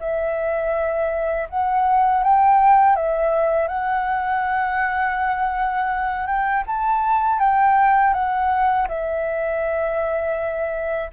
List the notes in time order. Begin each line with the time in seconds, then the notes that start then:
0.00 E5
1.49 F#5
2.24 G5
2.96 E5
3.68 F#5
6.26 G5
6.67 A5
7.39 G5
8.13 F#5
8.88 E5